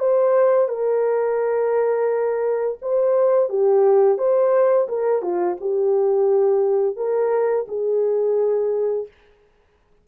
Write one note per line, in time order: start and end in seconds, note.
0.00 0.69 C5
0.69 2.78 A#4
2.82 3.49 C5
3.49 4.18 G4
4.18 4.88 C5
4.89 5.22 A#4
5.22 5.57 F4
5.61 6.97 G4
6.97 7.66 A#4
7.68 9.08 G#4